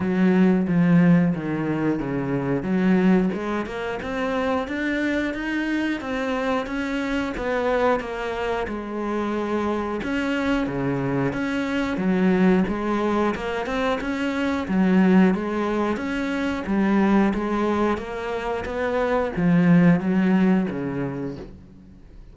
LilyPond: \new Staff \with { instrumentName = "cello" } { \time 4/4 \tempo 4 = 90 fis4 f4 dis4 cis4 | fis4 gis8 ais8 c'4 d'4 | dis'4 c'4 cis'4 b4 | ais4 gis2 cis'4 |
cis4 cis'4 fis4 gis4 | ais8 c'8 cis'4 fis4 gis4 | cis'4 g4 gis4 ais4 | b4 f4 fis4 cis4 | }